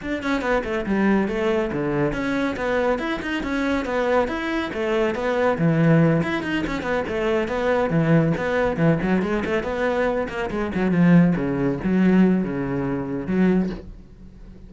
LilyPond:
\new Staff \with { instrumentName = "cello" } { \time 4/4 \tempo 4 = 140 d'8 cis'8 b8 a8 g4 a4 | d4 cis'4 b4 e'8 dis'8 | cis'4 b4 e'4 a4 | b4 e4. e'8 dis'8 cis'8 |
b8 a4 b4 e4 b8~ | b8 e8 fis8 gis8 a8 b4. | ais8 gis8 fis8 f4 cis4 fis8~ | fis4 cis2 fis4 | }